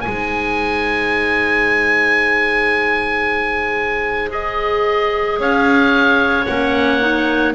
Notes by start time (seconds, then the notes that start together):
0.00 D#4 C5 G#5
0.06 G#3
4.29 G#4 D#5
5.39 C#4 C#5 F5
6.45 A#3 C#4 F#5
7.00 D#4